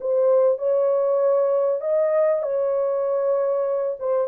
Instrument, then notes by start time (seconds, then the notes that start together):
horn
0.00 C5
0.58 C#5
1.81 D#5
2.42 C#5
3.99 C5